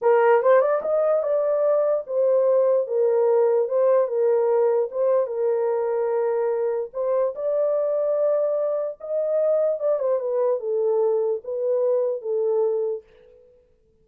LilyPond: \new Staff \with { instrumentName = "horn" } { \time 4/4 \tempo 4 = 147 ais'4 c''8 d''8 dis''4 d''4~ | d''4 c''2 ais'4~ | ais'4 c''4 ais'2 | c''4 ais'2.~ |
ais'4 c''4 d''2~ | d''2 dis''2 | d''8 c''8 b'4 a'2 | b'2 a'2 | }